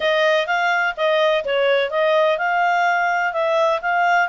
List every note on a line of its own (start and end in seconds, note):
0.00 0.46 D#5
0.46 0.94 F5
0.97 1.44 D#5
1.44 1.90 C#5
1.90 2.37 D#5
2.37 3.32 F5
3.32 3.80 E5
3.81 4.28 F5